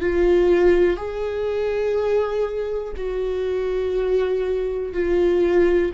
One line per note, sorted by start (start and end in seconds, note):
0.00 0.96 F4
0.96 2.93 G#4
2.96 4.93 F#4
4.93 5.91 F4